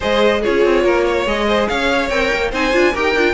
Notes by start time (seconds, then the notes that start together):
0.00 G#3 G#4 C5 D#5
0.40 F4 G#4 C#5
0.47 C#4
0.64 C4
0.84 A#3 A#4
1.05 C#5
1.26 G#3 G#4 D#5
1.47 C5
1.67 C#4 C#5 F5
2.09 C4 A#4 G5
2.33 A#3
2.50 C4 D#4 C5 G#5
2.72 D4 F4
2.92 D#4 G4 A#4 G5
3.15 D4 F4